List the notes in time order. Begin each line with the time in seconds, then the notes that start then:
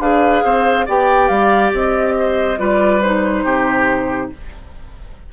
0.00 D4 G#4 B4 F5
0.44 C4 C5
0.86 B3 G4 D5 G5
1.29 G3 F5
1.73 C4 D#5
2.20 C5
2.58 G3 F4 B4 D5
3.02 D#4 C5
3.44 C3 G4